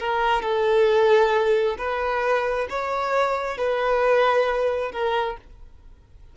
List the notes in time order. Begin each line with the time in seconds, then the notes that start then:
0.00 A#4
0.42 A4
1.78 B4
2.70 C#5
3.58 B4
4.93 A#4